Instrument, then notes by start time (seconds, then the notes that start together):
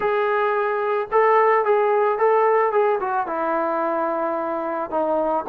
trombone
0.00 G#4
1.11 A4
1.65 G#4
2.18 A4
2.71 G#4
3.00 F#4
3.27 E4
4.90 D#4